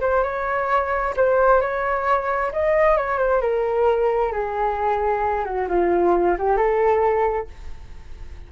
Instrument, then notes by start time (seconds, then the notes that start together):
flute
0.00 C5
0.23 C#5
1.16 C5
1.61 C#5
2.52 D#5
2.96 C#5
3.18 C5
3.41 A#4
4.32 G#4
5.44 F#4
5.68 F4
6.38 G4
6.56 A4